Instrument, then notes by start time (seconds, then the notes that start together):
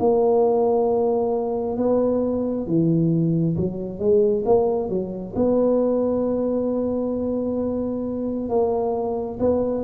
tuba
0.00 A#3
1.77 B3
2.67 E3
3.57 F#3
3.99 G#3
4.46 A#3
4.89 F#3
5.36 B3
8.50 A#3
9.40 B3